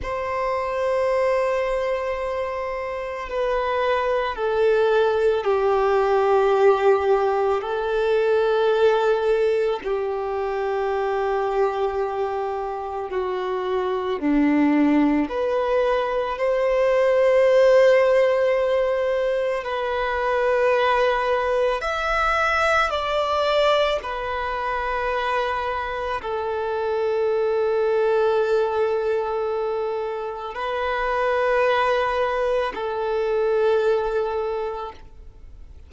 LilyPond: \new Staff \with { instrumentName = "violin" } { \time 4/4 \tempo 4 = 55 c''2. b'4 | a'4 g'2 a'4~ | a'4 g'2. | fis'4 d'4 b'4 c''4~ |
c''2 b'2 | e''4 d''4 b'2 | a'1 | b'2 a'2 | }